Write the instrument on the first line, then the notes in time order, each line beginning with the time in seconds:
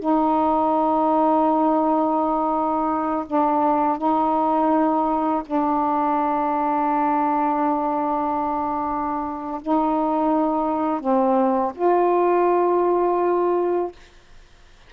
saxophone
0.00 D#4
3.27 D4
3.98 D#4
5.46 D4
9.62 D#4
11.00 C4
11.75 F4